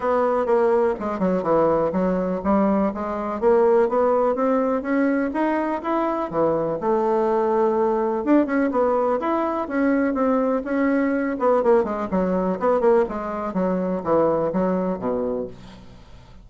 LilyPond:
\new Staff \with { instrumentName = "bassoon" } { \time 4/4 \tempo 4 = 124 b4 ais4 gis8 fis8 e4 | fis4 g4 gis4 ais4 | b4 c'4 cis'4 dis'4 | e'4 e4 a2~ |
a4 d'8 cis'8 b4 e'4 | cis'4 c'4 cis'4. b8 | ais8 gis8 fis4 b8 ais8 gis4 | fis4 e4 fis4 b,4 | }